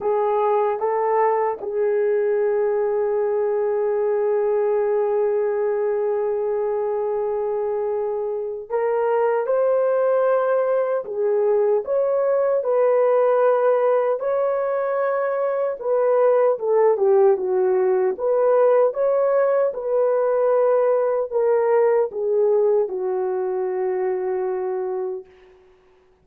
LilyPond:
\new Staff \with { instrumentName = "horn" } { \time 4/4 \tempo 4 = 76 gis'4 a'4 gis'2~ | gis'1~ | gis'2. ais'4 | c''2 gis'4 cis''4 |
b'2 cis''2 | b'4 a'8 g'8 fis'4 b'4 | cis''4 b'2 ais'4 | gis'4 fis'2. | }